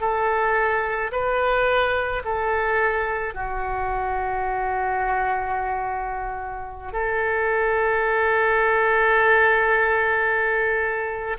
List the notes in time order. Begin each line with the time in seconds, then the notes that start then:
0.00 A4
1.11 B4
2.24 A4
3.34 F#4
6.92 A4